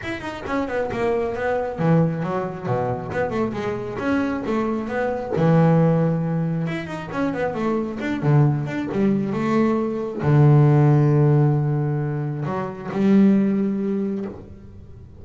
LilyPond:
\new Staff \with { instrumentName = "double bass" } { \time 4/4 \tempo 4 = 135 e'8 dis'8 cis'8 b8 ais4 b4 | e4 fis4 b,4 b8 a8 | gis4 cis'4 a4 b4 | e2. e'8 dis'8 |
cis'8 b8 a4 d'8 d4 d'8 | g4 a2 d4~ | d1 | fis4 g2. | }